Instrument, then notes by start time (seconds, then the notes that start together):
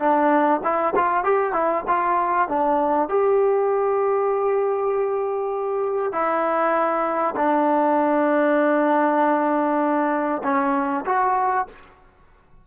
trombone
0.00 D4
0.64 E4
0.96 F4
1.24 G4
1.53 E4
1.88 F4
2.49 D4
3.09 G4
6.13 E4
7.36 D4
10.44 C#4
11.06 F#4